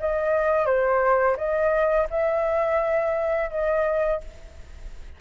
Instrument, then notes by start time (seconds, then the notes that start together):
flute
0.00 D#5
0.66 C5
1.37 D#5
2.10 E5
3.50 D#5